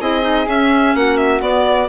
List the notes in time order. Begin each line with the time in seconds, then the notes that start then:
0.00 C4 E4 G#4 D#5
0.21 D#4
0.47 C#4 E5
0.94 A#3 F#4 F#5
1.17 E5
1.41 B3 D5